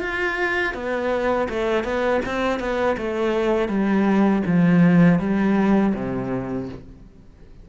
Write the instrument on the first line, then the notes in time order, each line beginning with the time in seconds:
cello
0.00 F4
0.74 B3
1.49 A3
1.84 B3
2.26 C4
2.59 B3
2.97 A3
3.68 G3
4.46 F3
5.19 G3
5.95 C3